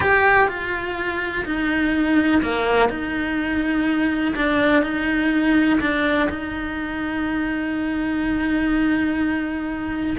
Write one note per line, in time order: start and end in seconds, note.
0.00 0.48 G4
0.48 1.45 F4
1.45 2.42 D#4
2.42 2.89 A#3
2.89 4.34 D#4
4.35 4.83 D4
4.83 5.79 D#4
5.80 6.28 D4
6.29 10.16 D#4